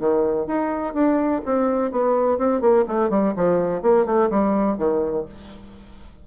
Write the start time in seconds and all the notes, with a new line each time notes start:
0.00 D#3
0.47 D#4
0.94 D4
1.46 C4
1.92 B3
2.39 C4
2.61 A#3
2.88 A3
3.10 G3
3.37 F3
3.83 A#3
4.06 A3
4.31 G3
4.78 D#3